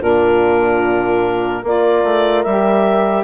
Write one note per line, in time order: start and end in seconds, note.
0.00 1.63 A#2
0.00 1.62 D4
0.00 1.63 F4
0.00 1.64 A#4
1.63 2.03 A#3
1.63 2.45 F4
1.63 3.24 A#4
1.63 2.43 D5
2.03 2.44 A3
2.43 3.24 G3
2.43 3.24 G4
2.43 3.24 E5